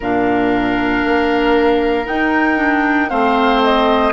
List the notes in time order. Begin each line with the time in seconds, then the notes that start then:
0.00 A#2 D4 A#4 F5
1.03 A#3
2.05 D#4 G5
2.56 D4
3.09 A3 C4 C5 F5
3.63 D#5